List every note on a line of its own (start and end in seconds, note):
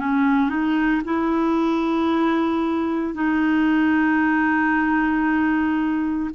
0.00 0.50 C#4
0.50 1.02 D#4
1.05 3.15 E4
3.15 6.31 D#4